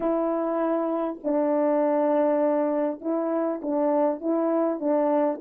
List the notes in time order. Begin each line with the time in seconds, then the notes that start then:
0.00 E4
1.23 D4
3.01 E4
3.62 D4
4.20 E4
4.80 D4